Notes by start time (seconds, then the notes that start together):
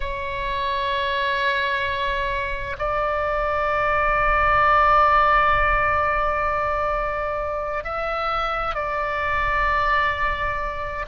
0.00 C#5
2.78 D5
7.84 E5
8.74 D5